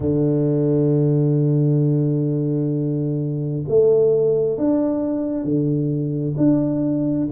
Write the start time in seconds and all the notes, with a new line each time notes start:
0.00 D3
3.68 A3
4.57 D4
5.43 D3
6.37 D4